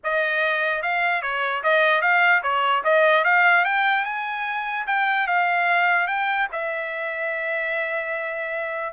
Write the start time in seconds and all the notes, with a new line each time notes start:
0.03 D#5
0.82 F5
1.21 C#5
1.63 D#5
2.01 F5
2.43 C#5
2.84 D#5
3.24 F5
3.64 G5
4.04 G#5
4.86 G5
5.27 F5
6.07 G5
6.52 E5